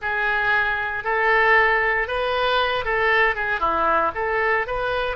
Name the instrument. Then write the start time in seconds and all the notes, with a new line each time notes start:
oboe
0.01 G#4
1.04 A4
2.07 B4
2.84 A4
3.35 G#4
3.59 E4
4.14 A4
4.66 B4